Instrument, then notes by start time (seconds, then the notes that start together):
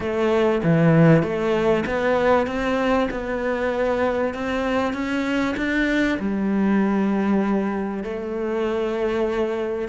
cello
0.00 A3
0.63 E3
1.22 A3
1.86 B3
2.47 C4
3.10 B3
4.34 C4
4.93 C#4
5.56 D4
6.19 G3
8.03 A3